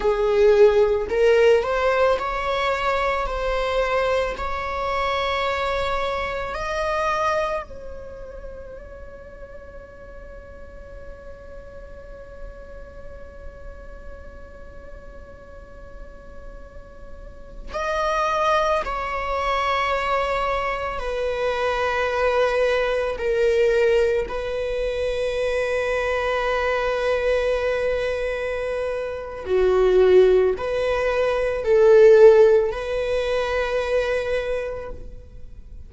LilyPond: \new Staff \with { instrumentName = "viola" } { \time 4/4 \tempo 4 = 55 gis'4 ais'8 c''8 cis''4 c''4 | cis''2 dis''4 cis''4~ | cis''1~ | cis''1~ |
cis''16 dis''4 cis''2 b'8.~ | b'4~ b'16 ais'4 b'4.~ b'16~ | b'2. fis'4 | b'4 a'4 b'2 | }